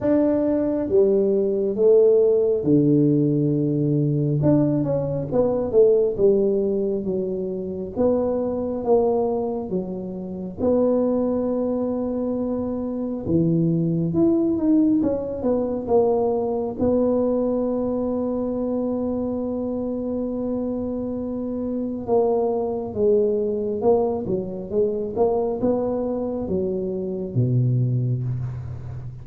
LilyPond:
\new Staff \with { instrumentName = "tuba" } { \time 4/4 \tempo 4 = 68 d'4 g4 a4 d4~ | d4 d'8 cis'8 b8 a8 g4 | fis4 b4 ais4 fis4 | b2. e4 |
e'8 dis'8 cis'8 b8 ais4 b4~ | b1~ | b4 ais4 gis4 ais8 fis8 | gis8 ais8 b4 fis4 b,4 | }